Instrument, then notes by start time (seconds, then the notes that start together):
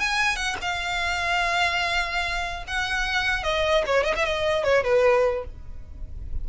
violin
0.00 G#5
0.36 F#5
0.61 F5
2.68 F#5
3.43 D#5
3.86 C#5
4.04 D#5
4.16 E5
4.25 D#5
4.64 C#5
4.84 B4